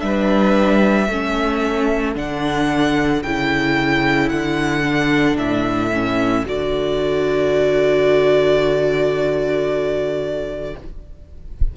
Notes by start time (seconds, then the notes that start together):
0.00 G3 D4 B4 E5
1.09 A3 C#4 A4
2.15 D3 D4 F#5
3.23 C#3 E4 G5
4.29 D3 F#5
4.83 D4
5.37 A2 E5
5.93 C#4
6.46 D3 F#4 D5